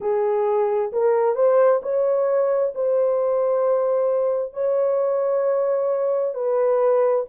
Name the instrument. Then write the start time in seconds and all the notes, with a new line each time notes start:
horn
0.00 G#4
0.92 A#4
1.35 C5
1.82 C#5
2.74 C5
4.53 C#5
6.34 B4